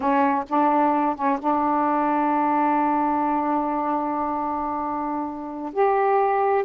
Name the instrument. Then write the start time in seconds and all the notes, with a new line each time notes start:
saxophone
0.00 C#4
0.49 D4
1.15 C#4
1.39 D4
5.73 G4